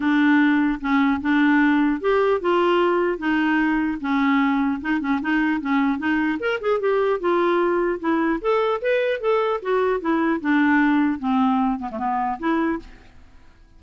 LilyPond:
\new Staff \with { instrumentName = "clarinet" } { \time 4/4 \tempo 4 = 150 d'2 cis'4 d'4~ | d'4 g'4 f'2 | dis'2 cis'2 | dis'8 cis'8 dis'4 cis'4 dis'4 |
ais'8 gis'8 g'4 f'2 | e'4 a'4 b'4 a'4 | fis'4 e'4 d'2 | c'4. b16 a16 b4 e'4 | }